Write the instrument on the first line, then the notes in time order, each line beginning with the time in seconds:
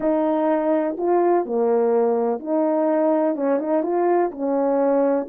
horn
0.00 D#4
0.97 F4
1.45 A#3
2.39 D#4
3.35 C#4
3.59 D#4
3.82 F4
4.31 C#4